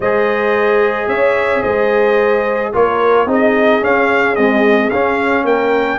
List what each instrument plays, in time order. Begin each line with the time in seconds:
0.00 tuba G#3, trombone G#4, horn C5, trumpet D#5
1.07 tuba C#4, horn C#5, trumpet E5
1.62 tuba G#3, horn C5, trumpet D#5
2.73 tuba A#3, trombone F4, horn A#4, trumpet C#5
3.26 tuba C4, trombone D#4, horn G#4, trumpet D#5
3.81 trombone C#4, tuba C#4, trumpet F5
4.35 trombone G#3, tuba C4, trumpet D#5
4.90 tuba C#4, trombone C#4, trumpet F5
5.44 tuba A#3, horn A#4, trumpet G5